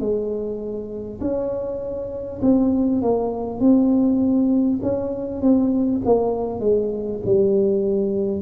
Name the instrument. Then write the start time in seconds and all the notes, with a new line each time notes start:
tuba
0.00 G#3
1.21 C#4
2.42 C4
3.02 A#3
3.60 C4
4.82 C#4
5.42 C4
6.05 A#3
6.60 G#3
7.25 G3